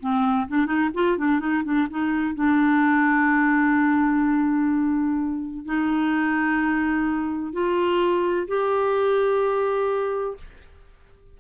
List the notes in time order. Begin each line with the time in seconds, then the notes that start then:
0.00 C4
0.48 D4
0.66 D#4
0.94 F4
1.18 D4
1.40 D#4
1.64 D4
1.90 D#4
2.35 D4
5.65 D#4
7.53 F4
8.48 G4